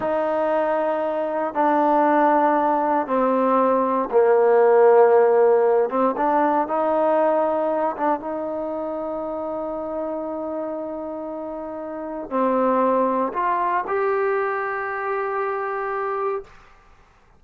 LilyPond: \new Staff \with { instrumentName = "trombone" } { \time 4/4 \tempo 4 = 117 dis'2. d'4~ | d'2 c'2 | ais2.~ ais8 c'8 | d'4 dis'2~ dis'8 d'8 |
dis'1~ | dis'1 | c'2 f'4 g'4~ | g'1 | }